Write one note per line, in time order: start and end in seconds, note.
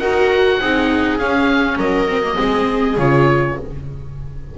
0.00 0.60 D#4
0.00 0.61 F#4
0.00 0.59 A#4
0.00 1.19 F#5
0.61 1.20 C4
0.61 1.19 D#4
0.61 1.79 G#4
1.19 2.08 C#4
1.19 1.77 C#4
1.19 1.79 F5
1.77 2.37 F#3
1.77 2.37 A#4
1.77 2.99 D#5
2.08 2.23 C4
2.24 2.36 A#3
2.36 2.98 G#3
2.36 2.96 C4
2.36 3.56 G#4
2.98 3.57 C#3
2.98 3.59 F4
2.98 3.59 C#5